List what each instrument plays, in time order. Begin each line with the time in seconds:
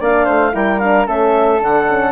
0.00 bassoon A#3, horn D4, flute D5, clarinet F5
0.24 bassoon A3, flute C5
0.52 bassoon G3, horn E4, flute A#4, clarinet G5
0.78 horn D4, clarinet F5
1.05 bassoon A3, horn C#4, flute A4, clarinet E5
1.60 bassoon D3, horn D4, clarinet F#5
1.88 horn C#4